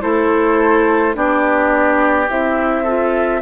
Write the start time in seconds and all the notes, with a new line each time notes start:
0.00 A3 E4 A4 C5
1.13 B3 D4 G4 D5
2.29 C4 E4 E5
2.83 F4 A4